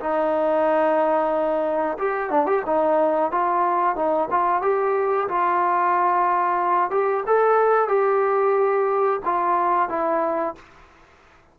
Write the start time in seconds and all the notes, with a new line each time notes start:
0.00 D#4
1.98 G4
2.30 D4
2.46 G4
2.66 D#4
3.31 F4
3.96 D#4
4.31 F4
4.62 G4
5.28 F4
6.91 G4
7.27 A4
7.89 G4
9.25 F4
9.89 E4